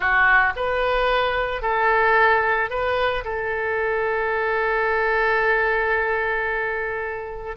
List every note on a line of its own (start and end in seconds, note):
0.00 0.53 F#4
0.56 1.61 B4
1.61 2.70 A4
2.70 3.24 B4
3.24 7.56 A4